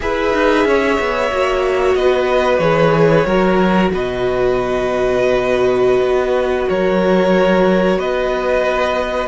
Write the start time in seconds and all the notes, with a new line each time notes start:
0.00 E4 G#4 B4 E5
0.33 D#4
0.65 C#4 C#5
0.99 B3
1.31 A#3 F#4
1.95 B3 B4 D#5
2.58 E3 G#4 C#5
3.25 F#3 F#4 A#4
3.92 B2 B4 D#5
6.00 B3
6.68 F#3 A#4 C#5
7.97 B3 B4 D#5